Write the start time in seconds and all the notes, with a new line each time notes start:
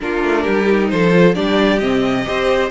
0.00 A#3 D4 F4 A#4
0.23 A3
0.42 G3 G4
0.65 D#4
0.89 F3 A4 C5
1.12 F4
1.34 G3 D4 G4 D5
1.78 C3 C4 D#5
2.25 C4 G4 C5